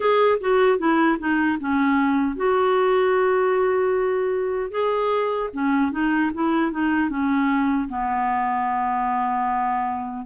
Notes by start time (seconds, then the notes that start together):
0.00 G#4
0.40 F#4
0.78 E4
1.18 D#4
1.60 C#4
2.35 F#4
4.70 G#4
5.53 C#4
5.91 D#4
6.34 E4
6.71 D#4
7.09 C#4
7.88 B3